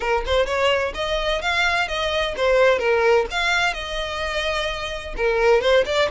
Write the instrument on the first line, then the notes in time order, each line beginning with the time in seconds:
violin
0.00 A#4
0.26 C5
0.46 C#5
0.94 D#5
1.41 F5
1.87 D#5
2.36 C5
2.78 A#4
3.30 F5
3.73 D#5
5.16 A#4
5.61 C5
5.85 D5